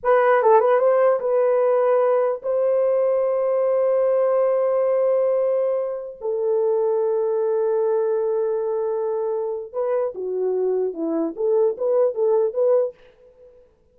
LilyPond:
\new Staff \with { instrumentName = "horn" } { \time 4/4 \tempo 4 = 148 b'4 a'8 b'8 c''4 b'4~ | b'2 c''2~ | c''1~ | c''2.~ c''16 a'8.~ |
a'1~ | a'1 | b'4 fis'2 e'4 | a'4 b'4 a'4 b'4 | }